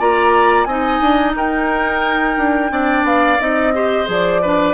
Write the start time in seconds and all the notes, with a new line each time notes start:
0.00 A#3 F4 D5 A#5
0.64 C4 D#4 D#5 G#5
1.01 D4
1.36 D#4 A#4 G5
2.38 D4
2.70 C4 D4 D5
3.04 B3 F5
3.40 C4 D#4 D#5
3.75 G4 C5
4.06 F3 G#4 D5
4.42 D4 B4